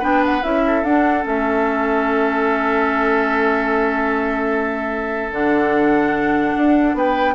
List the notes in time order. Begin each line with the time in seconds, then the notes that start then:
0.00 B3 D4 B4 G5
0.26 F#5
0.43 C#4 E4 E5
0.67 A4
0.84 D4 F#5
1.23 A3 C#4 E5
5.31 D3 D4 F#5
6.57 D4
6.94 B3 B4 G5